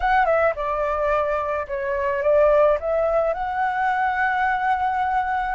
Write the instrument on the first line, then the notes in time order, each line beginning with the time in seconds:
flute
0.00 F#5
0.25 E5
0.55 D5
1.67 C#5
2.22 D5
2.80 E5
3.33 F#5